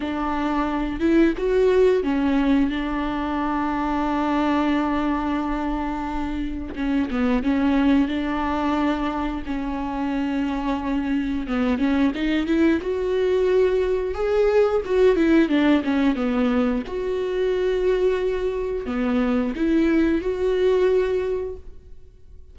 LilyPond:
\new Staff \with { instrumentName = "viola" } { \time 4/4 \tempo 4 = 89 d'4. e'8 fis'4 cis'4 | d'1~ | d'2 cis'8 b8 cis'4 | d'2 cis'2~ |
cis'4 b8 cis'8 dis'8 e'8 fis'4~ | fis'4 gis'4 fis'8 e'8 d'8 cis'8 | b4 fis'2. | b4 e'4 fis'2 | }